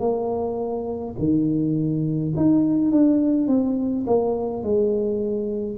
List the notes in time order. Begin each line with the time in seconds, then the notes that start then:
0.00 A#3
1.19 D#3
2.37 D#4
2.92 D4
3.48 C4
4.07 A#3
4.63 G#3